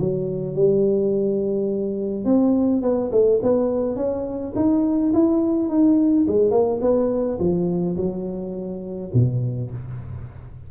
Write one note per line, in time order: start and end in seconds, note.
0.00 0.55 F#3
0.55 2.25 G3
2.25 2.82 C4
2.82 3.11 B3
3.12 3.41 A3
3.43 3.96 B3
3.96 4.54 C#4
4.56 5.13 D#4
5.14 5.69 E4
5.69 6.26 D#4
6.28 6.51 G#3
6.51 6.80 A#3
6.82 7.39 B3
7.39 7.97 F3
7.97 9.11 F#3
9.14 9.71 B2